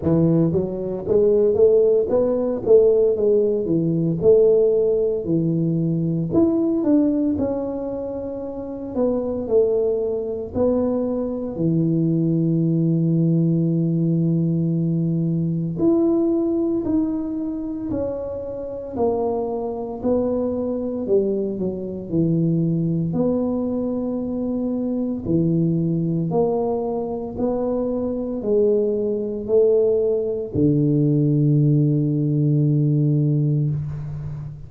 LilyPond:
\new Staff \with { instrumentName = "tuba" } { \time 4/4 \tempo 4 = 57 e8 fis8 gis8 a8 b8 a8 gis8 e8 | a4 e4 e'8 d'8 cis'4~ | cis'8 b8 a4 b4 e4~ | e2. e'4 |
dis'4 cis'4 ais4 b4 | g8 fis8 e4 b2 | e4 ais4 b4 gis4 | a4 d2. | }